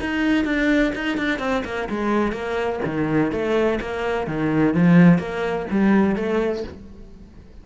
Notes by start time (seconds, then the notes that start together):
0.00 D#4
0.45 D4
0.95 D#4
1.17 D4
1.39 C4
1.65 A#3
1.89 G#3
2.32 A#3
2.85 D#3
3.32 A3
3.81 A#3
4.27 D#3
4.74 F3
5.19 A#3
5.71 G3
6.16 A3